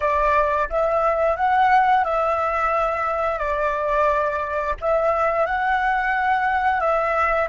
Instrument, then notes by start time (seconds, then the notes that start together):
flute
0.00 D5
0.69 E5
1.36 F#5
2.04 E5
3.38 D5
4.80 E5
5.45 F#5
6.80 E5